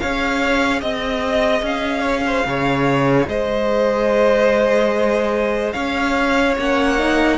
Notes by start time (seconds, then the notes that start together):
0.00 C#4 G#4 C#5 F5
0.81 C4 D#5
1.62 C#4 F5
2.01 C#5
2.27 C5
2.46 C#3 C#5
3.28 G#3 C5 D#5
5.73 C#4 C#5 F5
6.59 A#3 C#4 F#5
6.99 D#4